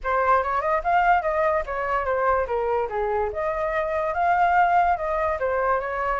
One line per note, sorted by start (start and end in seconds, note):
0.03 0.43 C5
0.43 0.61 C#5
0.61 0.81 D#5
0.83 1.22 F5
1.22 1.63 D#5
1.66 2.05 C#5
2.05 2.46 C5
2.46 2.88 A#4
2.89 3.30 G#4
3.32 4.14 D#5
4.14 4.96 F5
4.97 5.38 D#5
5.39 5.80 C5
5.80 6.20 C#5